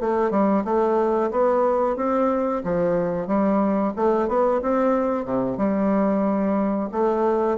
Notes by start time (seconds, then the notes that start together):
0.00 A3
0.30 G3
0.64 A3
1.31 B3
1.96 C4
2.63 F3
3.27 G3
3.96 A3
4.28 B3
4.62 C4
5.24 C3
5.57 G3
6.91 A3